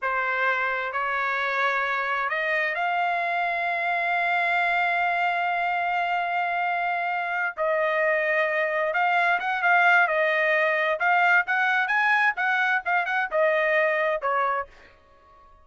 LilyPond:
\new Staff \with { instrumentName = "trumpet" } { \time 4/4 \tempo 4 = 131 c''2 cis''2~ | cis''4 dis''4 f''2~ | f''1~ | f''1~ |
f''8 dis''2. f''8~ | f''8 fis''8 f''4 dis''2 | f''4 fis''4 gis''4 fis''4 | f''8 fis''8 dis''2 cis''4 | }